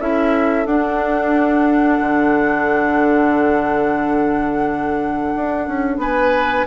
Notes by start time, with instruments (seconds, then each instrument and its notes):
0.00 bassoon C#4, clarinet E4, oboe A4, flute E5
0.66 bassoon D4, clarinet D4, flute F#5
2.00 bassoon D3
5.36 bassoon D4
5.68 bassoon C#4
5.97 bassoon B3, oboe B4, flute G#5